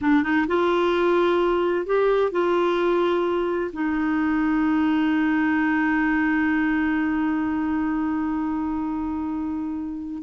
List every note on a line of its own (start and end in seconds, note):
0.01 0.23 D4
0.23 0.46 D#4
0.47 1.86 F4
1.86 2.31 G4
2.31 3.71 F4
3.73 10.22 D#4